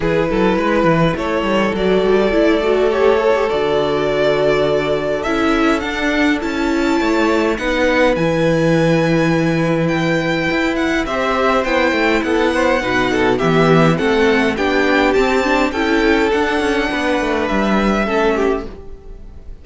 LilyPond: <<
  \new Staff \with { instrumentName = "violin" } { \time 4/4 \tempo 4 = 103 b'2 cis''4 d''4~ | d''4 cis''4 d''2~ | d''4 e''4 fis''4 a''4~ | a''4 fis''4 gis''2~ |
gis''4 g''4. fis''8 e''4 | g''4 fis''2 e''4 | fis''4 g''4 a''4 g''4 | fis''2 e''2 | }
  \new Staff \with { instrumentName = "violin" } { \time 4/4 gis'8 a'8 b'4 a'2~ | a'1~ | a'1 | cis''4 b'2.~ |
b'2. c''4~ | c''4 a'8 c''8 b'8 a'8 g'4 | a'4 g'2 a'4~ | a'4 b'2 a'8 g'8 | }
  \new Staff \with { instrumentName = "viola" } { \time 4/4 e'2. fis'4 | e'8 fis'8 g'8 a'16 g'16 fis'2~ | fis'4 e'4 d'4 e'4~ | e'4 dis'4 e'2~ |
e'2. g'4 | e'2 dis'4 b4 | c'4 d'4 c'8 d'8 e'4 | d'2. cis'4 | }
  \new Staff \with { instrumentName = "cello" } { \time 4/4 e8 fis8 gis8 e8 a8 g8 fis8 g8 | a2 d2~ | d4 cis'4 d'4 cis'4 | a4 b4 e2~ |
e2 e'4 c'4 | b8 a8 b4 b,4 e4 | a4 b4 c'4 cis'4 | d'8 cis'8 b8 a8 g4 a4 | }
>>